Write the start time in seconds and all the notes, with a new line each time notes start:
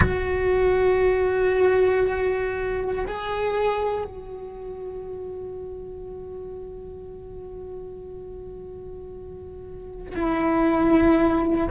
0.00 F#4
3.07 G#4
4.04 F#4
10.15 E4